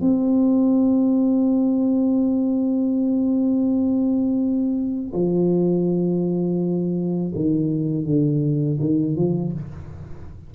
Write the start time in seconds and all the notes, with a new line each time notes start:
0.00 C4
5.13 F3
7.35 D#3
8.06 D3
8.80 D#3
9.16 F3